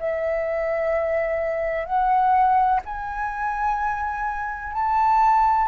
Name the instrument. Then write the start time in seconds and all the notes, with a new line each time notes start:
flute
0.00 E5
1.86 F#5
2.85 G#5
4.73 A5